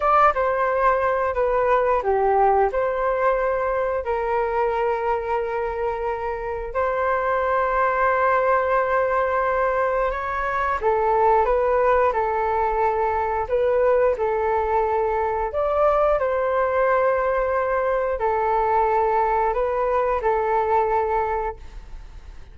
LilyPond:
\new Staff \with { instrumentName = "flute" } { \time 4/4 \tempo 4 = 89 d''8 c''4. b'4 g'4 | c''2 ais'2~ | ais'2 c''2~ | c''2. cis''4 |
a'4 b'4 a'2 | b'4 a'2 d''4 | c''2. a'4~ | a'4 b'4 a'2 | }